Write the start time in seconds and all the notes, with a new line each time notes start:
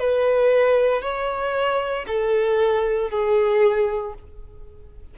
0.00 B4
1.03 C#5
2.07 A4
3.11 G#4